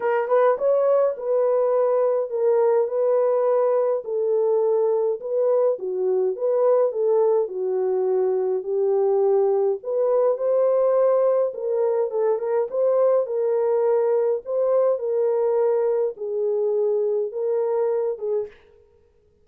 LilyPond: \new Staff \with { instrumentName = "horn" } { \time 4/4 \tempo 4 = 104 ais'8 b'8 cis''4 b'2 | ais'4 b'2 a'4~ | a'4 b'4 fis'4 b'4 | a'4 fis'2 g'4~ |
g'4 b'4 c''2 | ais'4 a'8 ais'8 c''4 ais'4~ | ais'4 c''4 ais'2 | gis'2 ais'4. gis'8 | }